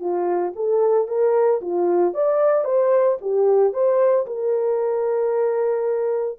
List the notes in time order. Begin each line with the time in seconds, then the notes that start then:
0.00 F4
0.56 A4
1.08 A#4
1.61 F4
2.14 D5
2.64 C5
3.21 G4
3.73 C5
4.26 A#4